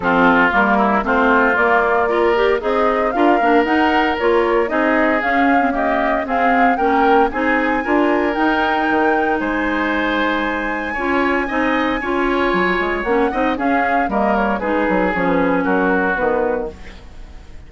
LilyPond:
<<
  \new Staff \with { instrumentName = "flute" } { \time 4/4 \tempo 4 = 115 a'4 ais'4 c''4 d''4~ | d''4 dis''4 f''4 fis''4 | cis''4 dis''4 f''4 dis''4 | f''4 g''4 gis''2 |
g''2 gis''2~ | gis''1~ | gis''4 fis''4 f''4 dis''8 cis''8 | b'4 cis''16 b'8. ais'4 b'4 | }
  \new Staff \with { instrumentName = "oboe" } { \time 4/4 f'4. e'8 f'2 | ais'4 dis'4 ais'2~ | ais'4 gis'2 g'4 | gis'4 ais'4 gis'4 ais'4~ |
ais'2 c''2~ | c''4 cis''4 dis''4 cis''4~ | cis''4. dis''8 gis'4 ais'4 | gis'2 fis'2 | }
  \new Staff \with { instrumentName = "clarinet" } { \time 4/4 c'4 ais4 c'4 ais4 | f'8 g'8 gis'4 f'8 d'8 dis'4 | f'4 dis'4 cis'8. c'16 ais4 | c'4 cis'4 dis'4 f'4 |
dis'1~ | dis'4 f'4 dis'4 f'4~ | f'4 cis'8 dis'8 cis'4 ais4 | dis'4 cis'2 b4 | }
  \new Staff \with { instrumentName = "bassoon" } { \time 4/4 f4 g4 a4 ais4~ | ais4 c'4 d'8 ais8 dis'4 | ais4 c'4 cis'2 | c'4 ais4 c'4 d'4 |
dis'4 dis4 gis2~ | gis4 cis'4 c'4 cis'4 | fis8 gis8 ais8 c'8 cis'4 g4 | gis8 fis8 f4 fis4 dis4 | }
>>